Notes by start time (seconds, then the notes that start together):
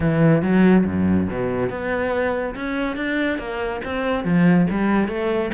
0.00 E3
0.42 F#3
0.85 F#2
1.30 B2
1.69 B3
2.55 C#4
2.96 D4
3.38 A#3
3.84 C4
4.24 F3
4.70 G3
5.08 A3